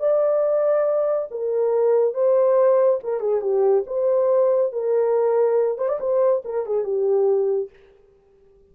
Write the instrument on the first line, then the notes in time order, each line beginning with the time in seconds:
horn
0.00 D5
1.31 A#4
2.14 C5
3.04 A#4
3.20 G#4
3.41 G4
3.87 C5
4.73 A#4
5.79 C5
5.89 D5
6.00 C5
6.45 A#4
6.66 G#4
6.84 G4